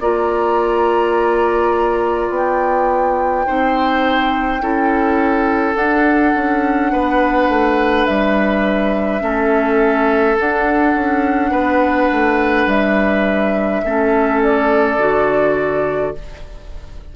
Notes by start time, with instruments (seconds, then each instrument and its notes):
0.00 bassoon A#3, clarinet F4, oboe D5, flute A#5
2.30 bassoon B3, flute G5
3.46 bassoon C4, clarinet D#4, oboe C5
4.61 bassoon C#4, clarinet E4, oboe A4
5.75 clarinet D4, bassoon D4, flute F#5
6.35 bassoon C#4
6.92 bassoon B3, oboe B4
7.49 bassoon A3
8.06 bassoon G3, flute E5
9.20 bassoon A3, clarinet C#4, oboe A4
10.39 clarinet D4, bassoon D4, flute F#5
10.95 bassoon C#4
11.51 bassoon B3, oboe B4
12.12 bassoon A3
12.66 bassoon G3, flute E5
13.84 bassoon A3, clarinet C#4, oboe A4
14.43 flute D5
14.98 bassoon D3, clarinet F#4